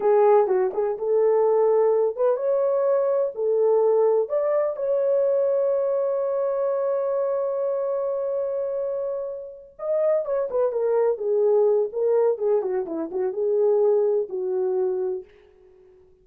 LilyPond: \new Staff \with { instrumentName = "horn" } { \time 4/4 \tempo 4 = 126 gis'4 fis'8 gis'8 a'2~ | a'8 b'8 cis''2 a'4~ | a'4 d''4 cis''2~ | cis''1~ |
cis''1~ | cis''8 dis''4 cis''8 b'8 ais'4 gis'8~ | gis'4 ais'4 gis'8 fis'8 e'8 fis'8 | gis'2 fis'2 | }